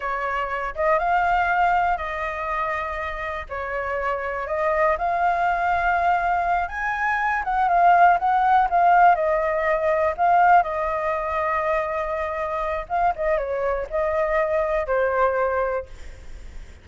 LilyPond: \new Staff \with { instrumentName = "flute" } { \time 4/4 \tempo 4 = 121 cis''4. dis''8 f''2 | dis''2. cis''4~ | cis''4 dis''4 f''2~ | f''4. gis''4. fis''8 f''8~ |
f''8 fis''4 f''4 dis''4.~ | dis''8 f''4 dis''2~ dis''8~ | dis''2 f''8 dis''8 cis''4 | dis''2 c''2 | }